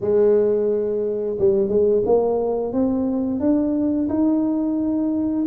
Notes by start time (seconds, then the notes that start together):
0.00 G#3
1.38 G3
1.68 G#3
2.05 A#3
2.73 C4
3.40 D4
4.09 D#4